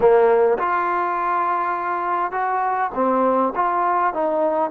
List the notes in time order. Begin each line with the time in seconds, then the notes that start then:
0.00 A#3
0.58 F4
2.31 F#4
2.94 C4
3.55 F4
4.13 D#4